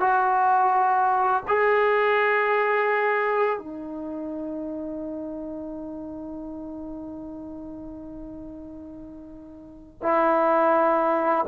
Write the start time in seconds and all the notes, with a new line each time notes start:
0.00 F#4
1.47 G#4
3.58 D#4
10.02 E4